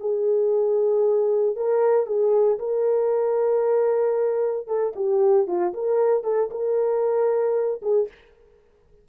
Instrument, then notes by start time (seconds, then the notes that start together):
horn
0.00 G#4
1.56 A#4
2.06 G#4
2.59 A#4
4.67 A4
4.96 G4
5.47 F4
5.74 A#4
6.23 A4
6.51 A#4
7.82 G#4